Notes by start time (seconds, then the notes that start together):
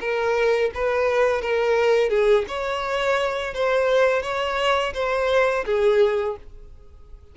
0.00 A#4
0.74 B4
1.41 A#4
2.10 G#4
2.48 C#5
3.54 C5
4.22 C#5
4.94 C5
5.65 G#4